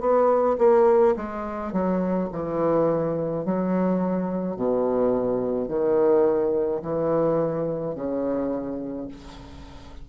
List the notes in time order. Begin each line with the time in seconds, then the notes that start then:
0.00 B3
0.59 A#3
1.16 G#3
1.72 F#3
2.32 E3
3.45 F#3
4.56 B2
5.69 D#3
6.82 E3
7.95 C#3